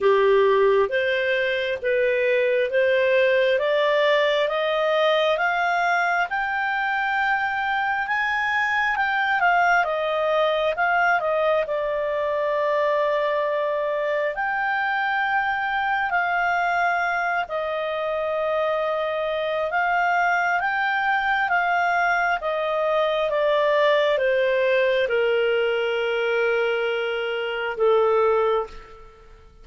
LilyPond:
\new Staff \with { instrumentName = "clarinet" } { \time 4/4 \tempo 4 = 67 g'4 c''4 b'4 c''4 | d''4 dis''4 f''4 g''4~ | g''4 gis''4 g''8 f''8 dis''4 | f''8 dis''8 d''2. |
g''2 f''4. dis''8~ | dis''2 f''4 g''4 | f''4 dis''4 d''4 c''4 | ais'2. a'4 | }